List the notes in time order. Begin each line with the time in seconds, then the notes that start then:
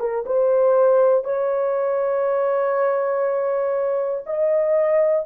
0.00 A#4
0.26 C5
1.25 C#5
4.27 D#5